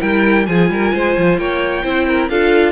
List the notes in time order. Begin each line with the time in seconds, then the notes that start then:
0.00 G3 E4 A#4 G5
0.46 F3 F4 G#4 G#5
0.70 G3 A#4
0.94 G#3 C5
1.17 F3
1.37 A#3 C#5 G5
1.84 C4 E4 C5
2.08 A#4
2.29 D4 F4 A4 F5